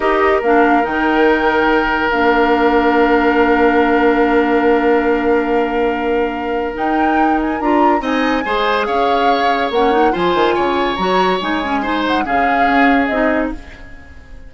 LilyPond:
<<
  \new Staff \with { instrumentName = "flute" } { \time 4/4 \tempo 4 = 142 dis''4 f''4 g''2~ | g''4 f''2.~ | f''1~ | f''1 |
g''4. gis''8 ais''4 gis''4~ | gis''4 f''2 fis''4 | gis''2 ais''4 gis''4~ | gis''8 fis''8 f''2 dis''4 | }
  \new Staff \with { instrumentName = "oboe" } { \time 4/4 ais'1~ | ais'1~ | ais'1~ | ais'1~ |
ais'2. dis''4 | c''4 cis''2. | c''4 cis''2. | c''4 gis'2. | }
  \new Staff \with { instrumentName = "clarinet" } { \time 4/4 g'4 d'4 dis'2~ | dis'4 d'2.~ | d'1~ | d'1 |
dis'2 f'4 dis'4 | gis'2. cis'8 dis'8 | f'2 fis'4 dis'8 cis'8 | dis'4 cis'2 dis'4 | }
  \new Staff \with { instrumentName = "bassoon" } { \time 4/4 dis'4 ais4 dis2~ | dis4 ais2.~ | ais1~ | ais1 |
dis'2 d'4 c'4 | gis4 cis'2 ais4 | f8 dis8 cis4 fis4 gis4~ | gis4 cis4 cis'4 c'4 | }
>>